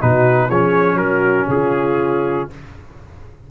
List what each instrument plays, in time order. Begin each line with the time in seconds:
0.00 tuba B2, trombone D#4, horn F#4, trumpet B4
0.47 tuba F3, trombone C#4, horn G#4, trumpet C#5
0.94 tuba F#3, horn F#4, trumpet A#4
1.48 tuba C#3, horn F4, trumpet G#4